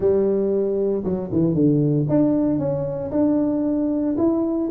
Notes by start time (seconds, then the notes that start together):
0.00 G3
1.04 F#3
1.32 E3
1.54 D3
2.08 D4
2.58 C#4
3.11 D4
4.17 E4